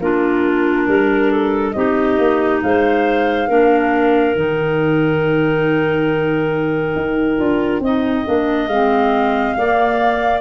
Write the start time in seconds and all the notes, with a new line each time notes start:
0.00 A#3 D4 F4 A#4
0.88 G3 A#4
1.32 A4
1.72 C4 D#4 G4 D#5
2.19 A#3
2.63 G#3 C5 F5
3.48 A#3 D4 A#4
4.36 D#3 D#4 G5
6.96 D#4
7.38 D4 F4
7.80 C4 D#4 D#5
8.25 A#3 D4
8.67 G#3 C4 F5
9.58 A#3 D5